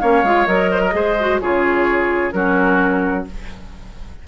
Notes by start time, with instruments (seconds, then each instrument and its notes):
0.00 bassoon A#3, clarinet C#4, oboe C#5, flute F5
0.24 bassoon G#3, clarinet F4
0.47 bassoon F#3, clarinet A#4, flute D#5
0.71 oboe C5
0.82 oboe A#4
0.92 bassoon G#3, clarinet G#4, oboe C5
1.20 clarinet F#4
1.41 bassoon C#3, clarinet F4, oboe G#4, flute C#5
2.32 bassoon F#3, clarinet C#4, oboe F#4, flute A#4